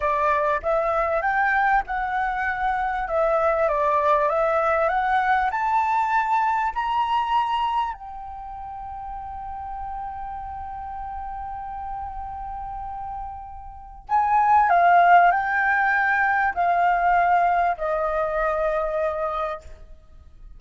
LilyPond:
\new Staff \with { instrumentName = "flute" } { \time 4/4 \tempo 4 = 98 d''4 e''4 g''4 fis''4~ | fis''4 e''4 d''4 e''4 | fis''4 a''2 ais''4~ | ais''4 g''2.~ |
g''1~ | g''2. gis''4 | f''4 g''2 f''4~ | f''4 dis''2. | }